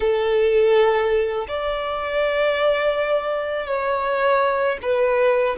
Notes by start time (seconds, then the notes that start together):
0.00 A4
1.47 D5
3.67 C#5
4.82 B4